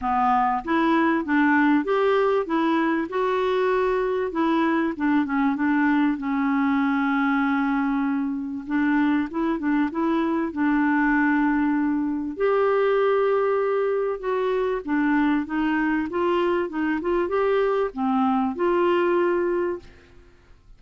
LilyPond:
\new Staff \with { instrumentName = "clarinet" } { \time 4/4 \tempo 4 = 97 b4 e'4 d'4 g'4 | e'4 fis'2 e'4 | d'8 cis'8 d'4 cis'2~ | cis'2 d'4 e'8 d'8 |
e'4 d'2. | g'2. fis'4 | d'4 dis'4 f'4 dis'8 f'8 | g'4 c'4 f'2 | }